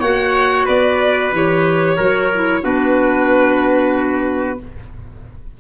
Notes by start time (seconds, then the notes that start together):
0.00 A#3 F#4 C#5 F#5
0.65 B3 B4 D5
1.32 E3 G4 C#5
1.97 F#3 F#4 A#4
2.34 E4
2.63 B3 D4 F#4 B4